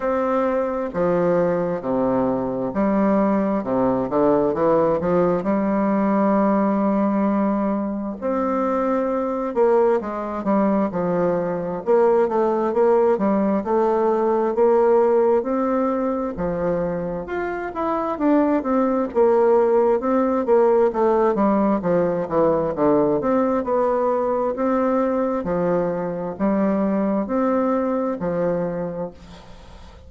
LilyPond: \new Staff \with { instrumentName = "bassoon" } { \time 4/4 \tempo 4 = 66 c'4 f4 c4 g4 | c8 d8 e8 f8 g2~ | g4 c'4. ais8 gis8 g8 | f4 ais8 a8 ais8 g8 a4 |
ais4 c'4 f4 f'8 e'8 | d'8 c'8 ais4 c'8 ais8 a8 g8 | f8 e8 d8 c'8 b4 c'4 | f4 g4 c'4 f4 | }